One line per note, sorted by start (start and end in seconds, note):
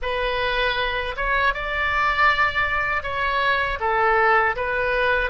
0.01 1.15 B4
1.16 1.54 C#5
1.54 3.02 D5
3.02 3.78 C#5
3.79 4.55 A4
4.56 5.30 B4